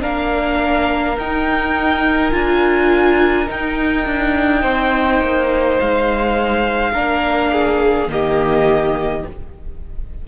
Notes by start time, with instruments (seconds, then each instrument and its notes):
0.00 cello A#3, viola D4, violin A#4 F5
1.17 cello D#4, viola D#4, violin G5
2.31 cello D4, viola F4, violin G#5
3.47 viola D#4, cello D#4, violin G5
4.06 cello D4
4.61 cello C4, violin C5
5.21 cello A#3
5.79 cello G#3, violin F5
6.93 cello A#3, viola D4, violin A#4
7.52 violin G#4
8.08 cello D#3, viola A#3, violin G4 D#5